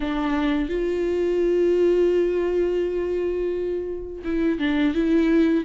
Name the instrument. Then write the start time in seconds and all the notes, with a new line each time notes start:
viola
0.00 D4
0.69 F4
4.24 E4
4.59 D4
4.94 E4